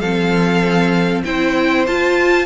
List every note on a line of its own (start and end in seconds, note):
0.00 1.23 F3
0.00 1.25 C4
0.00 1.23 A4
0.00 1.22 F5
1.25 1.87 C4
1.25 1.86 E4
1.25 2.46 C5
1.25 1.86 G5
1.87 2.46 F4
1.87 2.46 A5